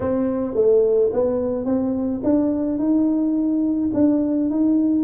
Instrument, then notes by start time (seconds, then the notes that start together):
tuba
0.00 C4
0.54 A3
1.12 B3
1.65 C4
2.23 D4
2.78 D#4
3.93 D4
4.50 D#4